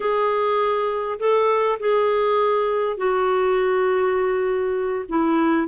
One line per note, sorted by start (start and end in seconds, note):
0.00 1.19 G#4
1.19 1.78 A4
1.79 2.97 G#4
2.97 5.05 F#4
5.08 5.67 E4